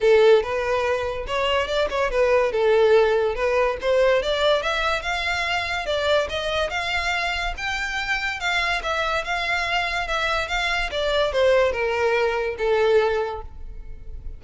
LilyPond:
\new Staff \with { instrumentName = "violin" } { \time 4/4 \tempo 4 = 143 a'4 b'2 cis''4 | d''8 cis''8 b'4 a'2 | b'4 c''4 d''4 e''4 | f''2 d''4 dis''4 |
f''2 g''2 | f''4 e''4 f''2 | e''4 f''4 d''4 c''4 | ais'2 a'2 | }